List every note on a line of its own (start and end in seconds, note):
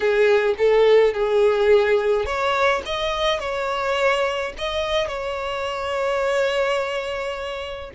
0.00 0.55 G#4
0.57 1.13 A4
1.13 2.25 G#4
2.25 2.82 C#5
2.85 3.39 D#5
3.39 4.53 C#5
4.58 5.07 D#5
5.07 7.90 C#5